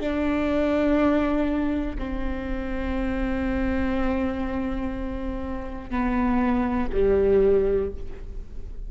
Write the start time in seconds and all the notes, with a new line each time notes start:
0.00 D4
1.99 C4
5.90 B3
6.93 G3